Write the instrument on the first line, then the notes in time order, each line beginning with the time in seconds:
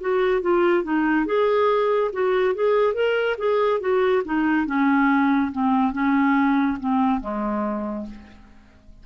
clarinet
0.00 F#4
0.41 F4
0.83 D#4
1.26 G#4
2.12 F#4
2.55 G#4
2.94 A#4
3.38 G#4
3.80 F#4
4.25 D#4
4.66 C#4
5.52 C4
5.92 C#4
6.80 C4
7.21 G#3